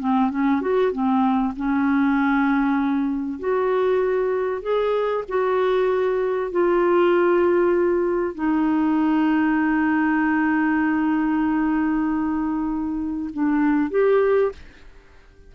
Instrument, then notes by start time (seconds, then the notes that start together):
clarinet
0.00 C4
0.31 C#4
0.62 F#4
0.93 C4
1.57 C#4
3.40 F#4
4.63 G#4
5.29 F#4
6.51 F4
8.35 D#4
13.34 D4
13.91 G4